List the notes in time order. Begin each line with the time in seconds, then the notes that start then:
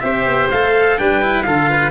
0.00 C4 G4 C5 E5
0.26 B3
0.51 A3 A4 F5
0.98 G3 D4 B4 G5
1.22 E4
1.43 D3 F4 A4 F5
1.70 B4